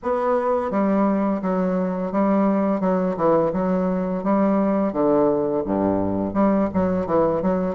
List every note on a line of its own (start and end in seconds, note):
0.02 0.71 B3
0.71 1.41 G3
1.42 2.12 F#3
2.12 2.80 G3
2.80 3.15 F#3
3.16 3.52 E3
3.53 4.23 F#3
4.24 4.92 G3
4.92 5.63 D3
5.65 6.33 G2
6.33 6.68 G3
6.73 7.06 F#3
7.06 7.41 E3
7.42 7.75 F#3